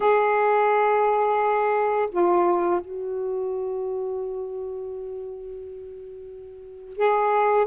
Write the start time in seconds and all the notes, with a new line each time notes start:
0.00 G#4
2.11 F4
2.80 F#4
6.96 G#4